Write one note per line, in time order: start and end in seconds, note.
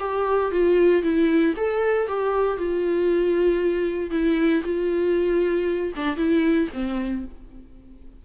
0.00 0.52 G4
0.52 1.03 F4
1.03 1.54 E4
1.57 2.08 A4
2.08 2.58 G4
2.58 4.11 F4
4.11 4.63 E4
4.64 5.93 F4
5.96 6.17 D4
6.17 6.69 E4
6.74 7.25 C4